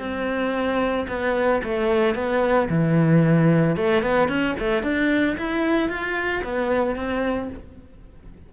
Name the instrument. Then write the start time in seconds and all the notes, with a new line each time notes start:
cello
0.00 C4
1.09 B3
1.64 A3
2.16 B3
2.70 E3
3.77 A3
4.03 B3
4.29 C#4
4.59 A3
4.83 D4
5.38 E4
5.90 F4
6.44 B3
6.96 C4